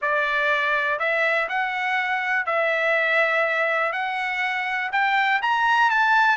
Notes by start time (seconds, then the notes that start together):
0.01 D5
0.99 E5
1.48 F#5
2.46 E5
3.92 F#5
4.92 G5
5.42 A#5
5.90 A5